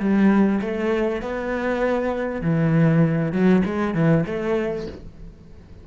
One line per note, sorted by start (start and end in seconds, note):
0.00 0.61 G3
0.61 1.22 A3
1.22 2.41 B3
2.41 3.32 E3
3.32 3.62 F#3
3.65 3.94 G#3
3.94 4.25 E3
4.26 4.87 A3